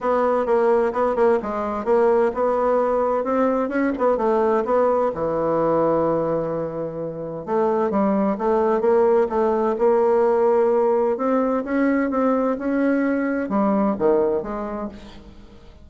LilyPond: \new Staff \with { instrumentName = "bassoon" } { \time 4/4 \tempo 4 = 129 b4 ais4 b8 ais8 gis4 | ais4 b2 c'4 | cis'8 b8 a4 b4 e4~ | e1 |
a4 g4 a4 ais4 | a4 ais2. | c'4 cis'4 c'4 cis'4~ | cis'4 g4 dis4 gis4 | }